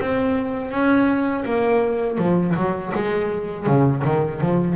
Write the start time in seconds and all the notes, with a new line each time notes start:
0.00 C4
0.71 C#4
1.44 A#3
2.18 F3
2.55 F#3
2.94 G#3
3.66 C#3
4.04 D#3
4.41 F3